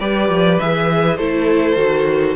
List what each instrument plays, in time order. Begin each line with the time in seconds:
0.00 cello G3, viola G4, violin B4 D5
0.29 cello F3
0.59 cello E3, viola G#4, violin E5
1.16 cello A3, viola E4, violin A4 C5
1.76 cello D#3, viola F#4